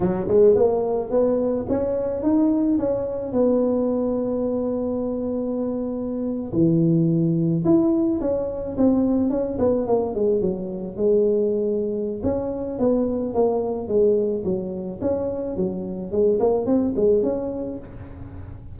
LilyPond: \new Staff \with { instrumentName = "tuba" } { \time 4/4 \tempo 4 = 108 fis8 gis8 ais4 b4 cis'4 | dis'4 cis'4 b2~ | b2.~ b8. e16~ | e4.~ e16 e'4 cis'4 c'16~ |
c'8. cis'8 b8 ais8 gis8 fis4 gis16~ | gis2 cis'4 b4 | ais4 gis4 fis4 cis'4 | fis4 gis8 ais8 c'8 gis8 cis'4 | }